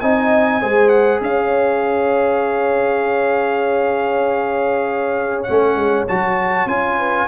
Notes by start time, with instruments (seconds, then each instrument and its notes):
0.00 tuba C4, trombone D#4, horn D#5, trumpet G#5
0.60 tuba G#3, trombone G#4, horn C5
0.89 trumpet F#5
1.20 tuba C#4, horn C#5, trumpet F5
5.43 trombone C#4, trumpet F#5
5.49 tuba A3
5.75 tuba G#3
6.08 tuba F#3, trombone F#4, trumpet A5
6.65 tuba C#4, trombone F4, trumpet G#5
6.97 horn B4